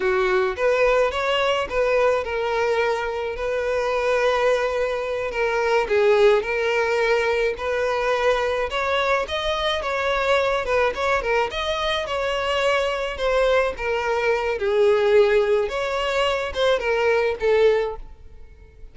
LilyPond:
\new Staff \with { instrumentName = "violin" } { \time 4/4 \tempo 4 = 107 fis'4 b'4 cis''4 b'4 | ais'2 b'2~ | b'4. ais'4 gis'4 ais'8~ | ais'4. b'2 cis''8~ |
cis''8 dis''4 cis''4. b'8 cis''8 | ais'8 dis''4 cis''2 c''8~ | c''8 ais'4. gis'2 | cis''4. c''8 ais'4 a'4 | }